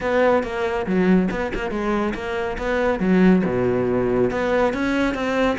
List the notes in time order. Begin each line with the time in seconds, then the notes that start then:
0.00 B3
0.43 A#3
0.86 F#3
1.31 B3
1.54 A#3
1.70 G#3
2.14 A#3
2.58 B3
2.99 F#3
3.45 B2
4.30 B3
4.73 C#4
5.14 C4